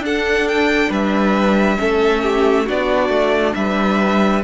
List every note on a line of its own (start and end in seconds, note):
0.00 0.88 D4
0.00 1.78 D4
0.00 0.90 A4
0.00 0.48 F#5
0.48 0.92 G5
0.90 1.78 G3
0.90 1.78 B4
0.90 2.69 E5
1.78 2.69 A3
1.78 2.66 C#4
1.78 2.23 A4
2.23 2.65 G4
2.65 3.09 B3
2.65 4.43 D4
2.65 3.54 F#4
2.65 3.54 D5
3.09 3.53 A3
3.54 4.44 G3
3.54 4.44 B4
3.54 4.42 E5